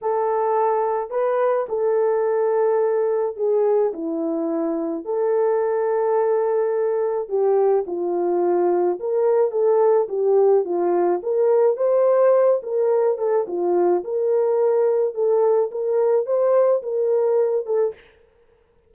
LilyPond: \new Staff \with { instrumentName = "horn" } { \time 4/4 \tempo 4 = 107 a'2 b'4 a'4~ | a'2 gis'4 e'4~ | e'4 a'2.~ | a'4 g'4 f'2 |
ais'4 a'4 g'4 f'4 | ais'4 c''4. ais'4 a'8 | f'4 ais'2 a'4 | ais'4 c''4 ais'4. a'8 | }